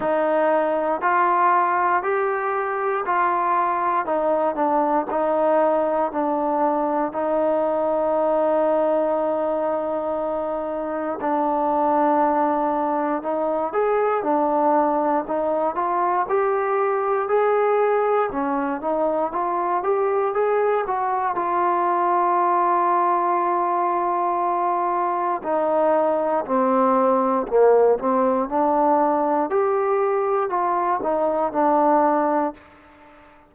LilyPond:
\new Staff \with { instrumentName = "trombone" } { \time 4/4 \tempo 4 = 59 dis'4 f'4 g'4 f'4 | dis'8 d'8 dis'4 d'4 dis'4~ | dis'2. d'4~ | d'4 dis'8 gis'8 d'4 dis'8 f'8 |
g'4 gis'4 cis'8 dis'8 f'8 g'8 | gis'8 fis'8 f'2.~ | f'4 dis'4 c'4 ais8 c'8 | d'4 g'4 f'8 dis'8 d'4 | }